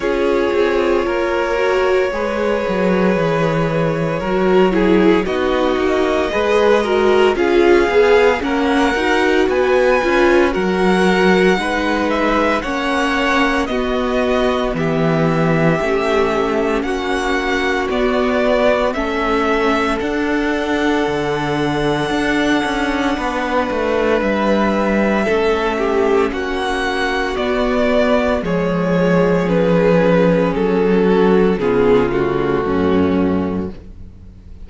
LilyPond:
<<
  \new Staff \with { instrumentName = "violin" } { \time 4/4 \tempo 4 = 57 cis''1~ | cis''4 dis''2 f''4 | fis''4 gis''4 fis''4. e''8 | fis''4 dis''4 e''2 |
fis''4 d''4 e''4 fis''4~ | fis''2. e''4~ | e''4 fis''4 d''4 cis''4 | b'4 a'4 gis'8 fis'4. | }
  \new Staff \with { instrumentName = "violin" } { \time 4/4 gis'4 ais'4 b'2 | ais'8 gis'8 fis'4 b'8 ais'8 gis'4 | ais'4 b'4 ais'4 b'4 | cis''4 fis'4 g'2 |
fis'2 a'2~ | a'2 b'2 | a'8 g'8 fis'2 gis'4~ | gis'4. fis'8 f'4 cis'4 | }
  \new Staff \with { instrumentName = "viola" } { \time 4/4 f'4. fis'8 gis'2 | fis'8 e'8 dis'4 gis'8 fis'8 f'8 gis'8 | cis'8 fis'4 f'8 fis'4 dis'4 | cis'4 b2 cis'4~ |
cis'4 b4 cis'4 d'4~ | d'1 | cis'2 b4 gis4 | cis'2 b8 a4. | }
  \new Staff \with { instrumentName = "cello" } { \time 4/4 cis'8 c'8 ais4 gis8 fis8 e4 | fis4 b8 ais8 gis4 cis'8 b8 | ais8 dis'8 b8 cis'8 fis4 gis4 | ais4 b4 e4 a4 |
ais4 b4 a4 d'4 | d4 d'8 cis'8 b8 a8 g4 | a4 ais4 b4 f4~ | f4 fis4 cis4 fis,4 | }
>>